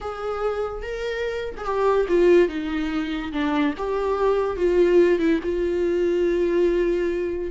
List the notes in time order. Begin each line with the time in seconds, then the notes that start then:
0.01 G#4
0.82 A#4
1.57 G#4
1.64 G4
2.08 F4
2.48 D#4
3.32 D4
3.77 G4
4.56 F4
5.19 E4
5.43 F4